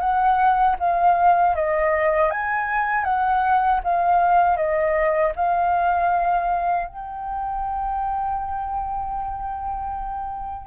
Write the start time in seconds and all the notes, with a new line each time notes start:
0.00 F#5
0.80 F5
1.56 D#5
2.31 G#5
3.04 F#5
3.84 F5
4.57 D#5
5.36 F5
6.88 G5